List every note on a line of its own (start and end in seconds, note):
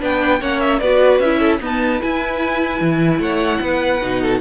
0.00 0.41 B3
0.00 0.40 D4
0.00 0.40 B4
0.00 0.42 G5
0.41 0.81 A#3
0.41 0.81 C#4
0.41 0.80 C#5
0.41 0.60 F#5
0.60 0.79 E5
0.79 1.19 B3
0.79 1.23 F#4
0.79 1.40 B4
0.79 1.19 D5
1.19 1.59 C#4
1.19 1.60 E4
1.19 1.60 E5
1.40 1.60 A4
1.60 2.00 B3
1.60 2.01 D#4
1.60 3.22 B4
1.60 2.02 A5
2.01 4.01 E4
2.01 2.81 E4
2.01 3.21 G#5
2.81 3.19 E3
3.19 3.59 A3
3.19 3.61 C#5
3.19 4.41 F#5
3.61 4.01 B3
3.61 4.21 B4
4.02 4.41 B2
4.02 4.41 D#4
4.21 4.41 A4